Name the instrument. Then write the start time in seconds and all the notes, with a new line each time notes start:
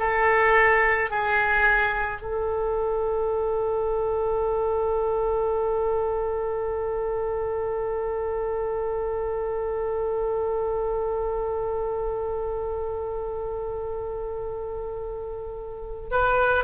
oboe
0.00 A4
1.11 G#4
2.22 A4
16.12 B4